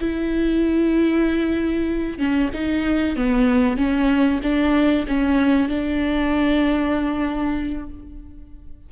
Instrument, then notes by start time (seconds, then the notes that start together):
viola
0.00 E4
2.18 C#4
2.54 D#4
3.16 B3
3.77 C#4
4.43 D4
5.08 C#4
5.68 D4